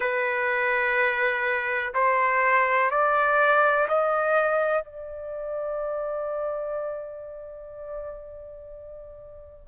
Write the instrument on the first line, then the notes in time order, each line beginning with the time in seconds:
trumpet
0.00 B4
1.94 C5
2.90 D5
3.88 D#5
4.84 D5